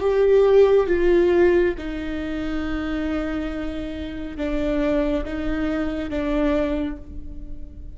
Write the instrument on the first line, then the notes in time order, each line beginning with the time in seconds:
viola
0.00 G4
0.87 F4
1.77 D#4
4.37 D4
5.24 D#4
6.09 D4